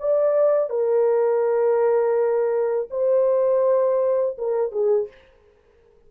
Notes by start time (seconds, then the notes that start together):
0.00 D5
0.70 A#4
2.91 C5
4.38 A#4
4.72 G#4